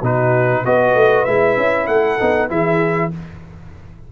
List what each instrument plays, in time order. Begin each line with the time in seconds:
0.00 tuba B2, trombone D#4, horn F#4, trumpet B4
0.65 tuba B3, trombone F#4, horn B4, trumpet D#5
0.95 tuba A3
1.25 tuba G#3, trombone E4, trumpet E5
1.57 tuba C#4
1.87 tuba A3, horn A4, trumpet F#5
2.20 tuba B3, trombone D#4
2.49 tuba E3, trombone E4, horn G#4, trumpet E5